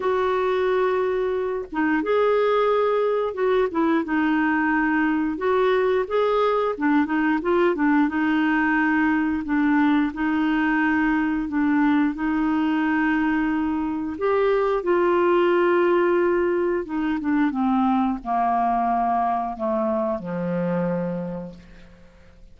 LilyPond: \new Staff \with { instrumentName = "clarinet" } { \time 4/4 \tempo 4 = 89 fis'2~ fis'8 dis'8 gis'4~ | gis'4 fis'8 e'8 dis'2 | fis'4 gis'4 d'8 dis'8 f'8 d'8 | dis'2 d'4 dis'4~ |
dis'4 d'4 dis'2~ | dis'4 g'4 f'2~ | f'4 dis'8 d'8 c'4 ais4~ | ais4 a4 f2 | }